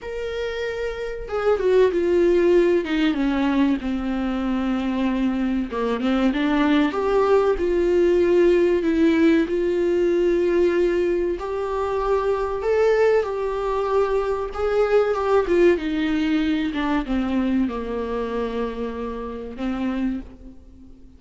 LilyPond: \new Staff \with { instrumentName = "viola" } { \time 4/4 \tempo 4 = 95 ais'2 gis'8 fis'8 f'4~ | f'8 dis'8 cis'4 c'2~ | c'4 ais8 c'8 d'4 g'4 | f'2 e'4 f'4~ |
f'2 g'2 | a'4 g'2 gis'4 | g'8 f'8 dis'4. d'8 c'4 | ais2. c'4 | }